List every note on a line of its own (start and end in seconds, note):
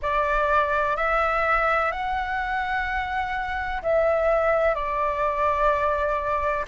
0.02 0.96 D5
0.96 1.91 E5
1.91 3.82 F#5
3.82 4.74 E5
4.74 6.65 D5